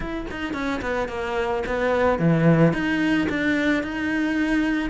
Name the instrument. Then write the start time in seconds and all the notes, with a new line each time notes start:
cello
0.00 E4
0.30 D#4
0.53 C#4
0.81 B3
1.08 A#3
1.66 B3
2.18 E3
2.73 D#4
3.29 D4
3.83 D#4